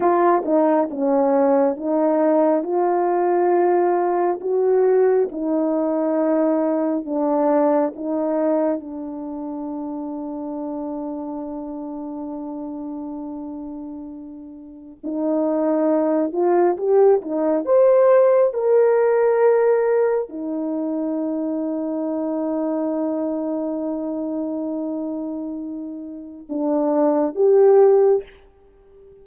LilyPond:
\new Staff \with { instrumentName = "horn" } { \time 4/4 \tempo 4 = 68 f'8 dis'8 cis'4 dis'4 f'4~ | f'4 fis'4 dis'2 | d'4 dis'4 d'2~ | d'1~ |
d'4 dis'4. f'8 g'8 dis'8 | c''4 ais'2 dis'4~ | dis'1~ | dis'2 d'4 g'4 | }